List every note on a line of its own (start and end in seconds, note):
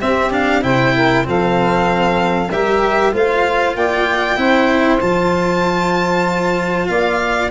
0.00 0.64 C4
0.00 0.30 C4
0.00 0.63 G4
0.00 0.31 E5
0.30 0.61 D4
0.30 0.63 F5
0.61 1.26 C3
0.61 1.24 E4
0.61 0.94 C5
0.61 1.26 G5
0.94 1.25 A#4
1.24 2.51 F3
1.24 2.49 C4
1.24 2.51 A4
1.24 2.51 F5
2.51 3.13 G3
2.51 3.12 G4
2.51 3.13 A#4
2.51 3.13 E5
3.12 3.75 A3
3.12 4.36 F4
3.12 3.76 C5
3.12 3.76 F5
3.75 4.37 A#3
3.75 4.38 D5
3.75 5.00 G5
4.36 5.00 C4
4.36 4.99 E4
4.36 6.88 C5
5.00 6.89 F3
5.00 7.50 F4
5.00 6.88 A5
6.88 7.51 A#3
6.88 7.51 D5
6.88 7.50 F5